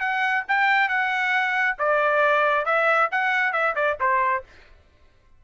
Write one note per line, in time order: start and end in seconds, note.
0.00 0.44 F#5
0.48 0.89 G5
0.89 1.76 F#5
1.79 2.65 D5
2.65 3.09 E5
3.11 3.53 F#5
3.53 3.75 E5
3.76 3.98 D5
4.00 4.44 C5